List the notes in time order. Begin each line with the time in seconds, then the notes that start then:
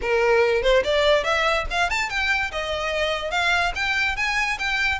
0.01 A#4
0.62 C5
0.84 D5
1.23 E5
1.70 F5
1.89 A5
2.09 G5
2.51 D#5
3.30 F5
3.75 G5
4.16 G#5
4.59 G5